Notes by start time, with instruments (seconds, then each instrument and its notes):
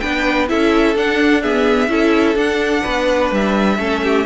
0.00 cello B3, viola D4, violin B4 G5
0.48 cello C#4, viola E4, violin A4 E5
0.96 cello D4, viola D4, violin F#5
1.42 viola B3, violin G#4 E5
1.88 cello C#4, viola E4, violin A4
2.35 cello D4, viola D4, violin F#5
2.82 cello B3, violin B4
3.31 cello G3, violin E5
3.78 cello A3, viola C#4, violin A4
4.03 violin G4